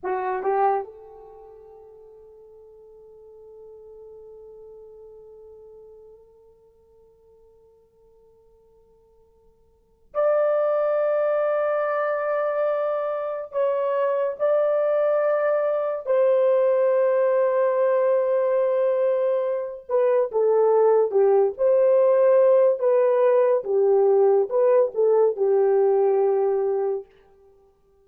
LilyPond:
\new Staff \with { instrumentName = "horn" } { \time 4/4 \tempo 4 = 71 fis'8 g'8 a'2.~ | a'1~ | a'1 | d''1 |
cis''4 d''2 c''4~ | c''2.~ c''8 b'8 | a'4 g'8 c''4. b'4 | g'4 b'8 a'8 g'2 | }